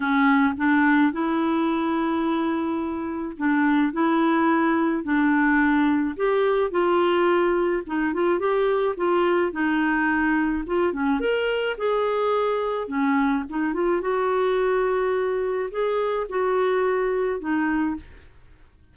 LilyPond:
\new Staff \with { instrumentName = "clarinet" } { \time 4/4 \tempo 4 = 107 cis'4 d'4 e'2~ | e'2 d'4 e'4~ | e'4 d'2 g'4 | f'2 dis'8 f'8 g'4 |
f'4 dis'2 f'8 cis'8 | ais'4 gis'2 cis'4 | dis'8 f'8 fis'2. | gis'4 fis'2 dis'4 | }